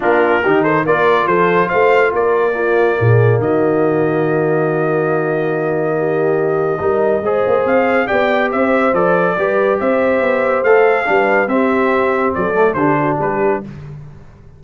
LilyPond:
<<
  \new Staff \with { instrumentName = "trumpet" } { \time 4/4 \tempo 4 = 141 ais'4. c''8 d''4 c''4 | f''4 d''2. | dis''1~ | dis''1~ |
dis''2 f''4 g''4 | e''4 d''2 e''4~ | e''4 f''2 e''4~ | e''4 d''4 c''4 b'4 | }
  \new Staff \with { instrumentName = "horn" } { \time 4/4 f'4 g'8 a'8 ais'4 a'4 | c''4 ais'4 f'4 gis'4 | fis'1~ | fis'2 g'2 |
ais'4 c''2 d''4 | c''2 b'4 c''4~ | c''2 b'4 g'4~ | g'4 a'4 g'8 fis'8 g'4 | }
  \new Staff \with { instrumentName = "trombone" } { \time 4/4 d'4 dis'4 f'2~ | f'2 ais2~ | ais1~ | ais1 |
dis'4 gis'2 g'4~ | g'4 a'4 g'2~ | g'4 a'4 d'4 c'4~ | c'4. a8 d'2 | }
  \new Staff \with { instrumentName = "tuba" } { \time 4/4 ais4 dis4 ais4 f4 | a4 ais2 ais,4 | dis1~ | dis1 |
g4 gis8 ais8 c'4 b4 | c'4 f4 g4 c'4 | b4 a4 g4 c'4~ | c'4 fis4 d4 g4 | }
>>